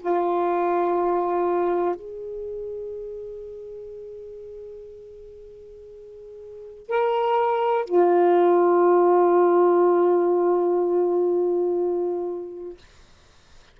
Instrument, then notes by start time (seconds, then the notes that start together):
saxophone
0.00 F4
1.95 G#4
6.88 A#4
7.86 F4